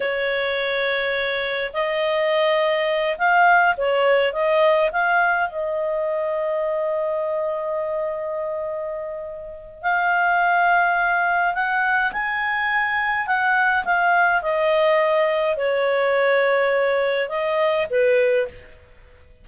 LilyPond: \new Staff \with { instrumentName = "clarinet" } { \time 4/4 \tempo 4 = 104 cis''2. dis''4~ | dis''4. f''4 cis''4 dis''8~ | dis''8 f''4 dis''2~ dis''8~ | dis''1~ |
dis''4 f''2. | fis''4 gis''2 fis''4 | f''4 dis''2 cis''4~ | cis''2 dis''4 b'4 | }